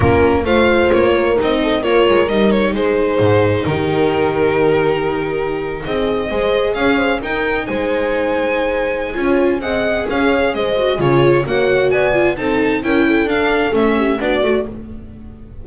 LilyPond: <<
  \new Staff \with { instrumentName = "violin" } { \time 4/4 \tempo 4 = 131 ais'4 f''4 cis''4 dis''4 | cis''4 dis''8 cis''8 c''2 | ais'1~ | ais'8. dis''2 f''4 g''16~ |
g''8. gis''2.~ gis''16~ | gis''4 fis''4 f''4 dis''4 | cis''4 fis''4 gis''4 a''4 | g''4 f''4 e''4 d''4 | }
  \new Staff \with { instrumentName = "horn" } { \time 4/4 f'4 c''4. ais'4 a'8 | ais'2 gis'2 | g'1~ | g'8. gis'4 c''4 cis''8 c''8 ais'16~ |
ais'8. c''2.~ c''16 | cis''4 dis''4 cis''4 c''4 | gis'4 cis''4 d''4 a'4 | ais'8 a'2 g'8 fis'4 | }
  \new Staff \with { instrumentName = "viola" } { \time 4/4 cis'4 f'2 dis'4 | f'4 dis'2.~ | dis'1~ | dis'4.~ dis'16 gis'2 dis'16~ |
dis'1 | f'4 gis'2~ gis'8 fis'8 | f'4 fis'4. f'8 dis'4 | e'4 d'4 cis'4 d'8 fis'8 | }
  \new Staff \with { instrumentName = "double bass" } { \time 4/4 ais4 a4 ais4 c'4 | ais8 gis8 g4 gis4 gis,4 | dis1~ | dis8. c'4 gis4 cis'4 dis'16~ |
dis'8. gis2.~ gis16 | cis'4 c'4 cis'4 gis4 | cis4 ais4 b4 c'4 | cis'4 d'4 a4 b8 a8 | }
>>